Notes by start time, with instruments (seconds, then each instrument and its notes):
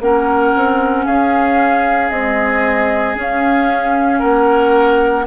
0.00 bassoon A#3, clarinet C#4, oboe A#4, flute F#5
0.55 bassoon C4
1.05 bassoon C#4, oboe G#4, flute F5
2.10 clarinet G#3, bassoon C4, flute D#5
3.15 clarinet C#4, bassoon C#4
3.21 flute F5
4.19 bassoon A#3, oboe A#4, flute F#5